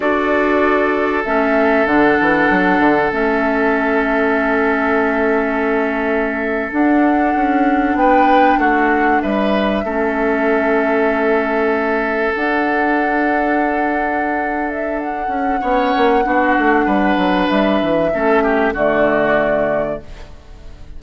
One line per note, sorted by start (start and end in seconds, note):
0.00 1.25 D4
0.00 1.24 F#4
0.00 7.96 A4
0.00 1.23 D5
1.25 1.86 A3
1.25 1.87 C#4
1.25 1.86 E5
1.86 2.17 D3
1.86 3.11 D4
1.86 3.11 F#5
2.20 2.50 E3
2.50 2.79 F#3
2.79 3.10 D3
3.11 6.71 A3
3.11 6.70 C#4
3.11 6.72 E5
6.71 9.84 D4
6.71 7.34 D4
6.71 7.96 F#5
7.34 7.94 C#4
7.94 8.57 B3
7.94 8.59 B4
7.94 8.58 G5
8.57 9.20 A3
8.57 9.21 F#4
8.57 9.21 F#5
9.21 9.83 G3
9.21 9.84 B4
9.21 12.34 E5
9.83 12.33 A3
9.83 12.36 C#4
9.83 15.60 A4
12.35 15.27 D4
12.35 15.62 D4
12.35 14.69 F#5
14.69 14.99 E5
14.99 17.48 F#5
15.27 15.58 C#4
15.60 15.93 B3
15.60 16.23 C#4
15.60 16.23 C#5
15.96 16.25 A#3
16.23 16.56 B3
16.23 18.11 D4
16.23 16.85 F#4
16.58 16.86 A3
16.85 17.17 G3
16.85 18.10 B4
17.17 17.48 F#3
17.48 17.81 G3
17.48 18.73 E5
17.81 18.12 E3
18.12 18.73 A3
18.12 18.75 C#4
18.12 18.43 A4
18.43 18.73 G4
18.73 19.98 D3
18.73 20.00 A3
18.73 19.98 F#4
18.73 20.02 D5